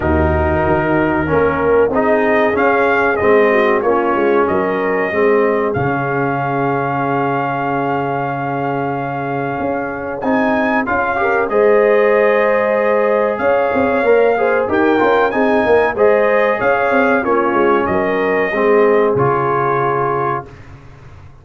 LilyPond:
<<
  \new Staff \with { instrumentName = "trumpet" } { \time 4/4 \tempo 4 = 94 ais'2. dis''4 | f''4 dis''4 cis''4 dis''4~ | dis''4 f''2.~ | f''1 |
gis''4 f''4 dis''2~ | dis''4 f''2 g''4 | gis''4 dis''4 f''4 cis''4 | dis''2 cis''2 | }
  \new Staff \with { instrumentName = "horn" } { \time 4/4 fis'2 ais'4 gis'4~ | gis'4. fis'8 f'4 ais'4 | gis'1~ | gis'1~ |
gis'4. ais'8 c''2~ | c''4 cis''4. c''8 ais'4 | gis'8 ais'8 c''4 cis''4 f'4 | ais'4 gis'2. | }
  \new Staff \with { instrumentName = "trombone" } { \time 4/4 dis'2 cis'4 dis'4 | cis'4 c'4 cis'2 | c'4 cis'2.~ | cis'1 |
dis'4 f'8 g'8 gis'2~ | gis'2 ais'8 gis'8 g'8 f'8 | dis'4 gis'2 cis'4~ | cis'4 c'4 f'2 | }
  \new Staff \with { instrumentName = "tuba" } { \time 4/4 dis,4 dis4 ais4 c'4 | cis'4 gis4 ais8 gis8 fis4 | gis4 cis2.~ | cis2. cis'4 |
c'4 cis'4 gis2~ | gis4 cis'8 c'8 ais4 dis'8 cis'8 | c'8 ais8 gis4 cis'8 c'8 ais8 gis8 | fis4 gis4 cis2 | }
>>